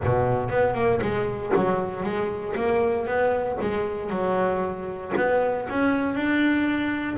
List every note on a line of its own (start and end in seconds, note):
0.04 0.49 B2
0.49 0.74 B3
0.74 1.00 A#3
1.01 1.52 G#3
1.55 2.03 F#3
2.03 2.54 G#3
2.55 3.06 A#3
3.06 3.57 B3
3.61 4.10 G#3
4.10 5.12 F#3
5.16 5.67 B3
5.69 6.14 C#4
6.14 7.17 D4